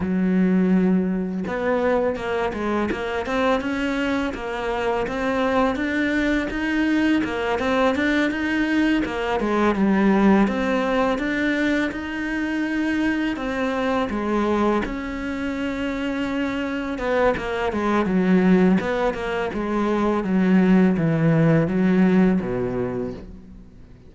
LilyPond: \new Staff \with { instrumentName = "cello" } { \time 4/4 \tempo 4 = 83 fis2 b4 ais8 gis8 | ais8 c'8 cis'4 ais4 c'4 | d'4 dis'4 ais8 c'8 d'8 dis'8~ | dis'8 ais8 gis8 g4 c'4 d'8~ |
d'8 dis'2 c'4 gis8~ | gis8 cis'2. b8 | ais8 gis8 fis4 b8 ais8 gis4 | fis4 e4 fis4 b,4 | }